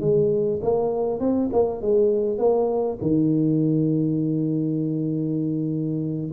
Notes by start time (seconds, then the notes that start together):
0.00 G#3
0.62 A#3
1.19 C4
1.52 A#3
1.81 G#3
2.38 A#3
3.01 D#3